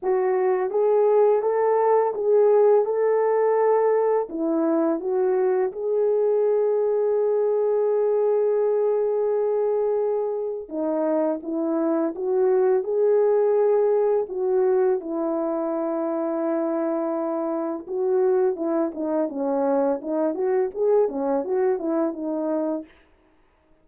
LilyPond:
\new Staff \with { instrumentName = "horn" } { \time 4/4 \tempo 4 = 84 fis'4 gis'4 a'4 gis'4 | a'2 e'4 fis'4 | gis'1~ | gis'2. dis'4 |
e'4 fis'4 gis'2 | fis'4 e'2.~ | e'4 fis'4 e'8 dis'8 cis'4 | dis'8 fis'8 gis'8 cis'8 fis'8 e'8 dis'4 | }